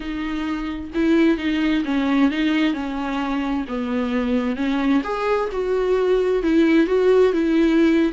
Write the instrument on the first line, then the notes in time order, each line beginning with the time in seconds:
viola
0.00 D#4
0.94 E4
1.37 D#4
1.84 C#4
2.30 D#4
2.73 C#4
3.67 B3
4.56 C#4
5.03 G#4
5.52 F#4
6.42 E4
6.87 F#4
7.32 E4